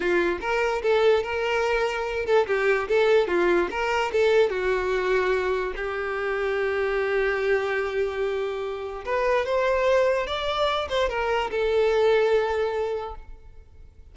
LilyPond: \new Staff \with { instrumentName = "violin" } { \time 4/4 \tempo 4 = 146 f'4 ais'4 a'4 ais'4~ | ais'4. a'8 g'4 a'4 | f'4 ais'4 a'4 fis'4~ | fis'2 g'2~ |
g'1~ | g'2 b'4 c''4~ | c''4 d''4. c''8 ais'4 | a'1 | }